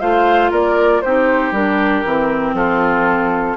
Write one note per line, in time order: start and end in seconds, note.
0.00 0.51 A3
0.00 1.02 F4
0.00 0.51 C5
0.00 0.51 F5
0.51 1.02 A#3
0.51 1.01 A#4
0.51 1.01 D5
1.01 1.51 C4
1.01 1.54 D#4
1.01 2.55 G4
1.01 1.52 C5
1.51 2.02 G3
1.51 2.05 D4
1.51 2.55 A#4
2.05 2.53 E3
2.05 3.57 C4
2.53 3.54 F3
2.53 3.57 F4
2.53 3.57 A4